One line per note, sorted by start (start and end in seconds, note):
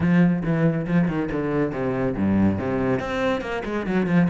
0.00 0.42 F3
0.43 0.86 E3
0.86 1.08 F3
1.08 1.29 D#3
1.31 1.71 D3
1.71 2.14 C3
2.16 2.58 G2
2.58 2.99 C3
2.99 3.41 C4
3.41 3.62 A#3
3.64 3.86 G#3
3.86 4.06 F#3
4.06 4.27 F3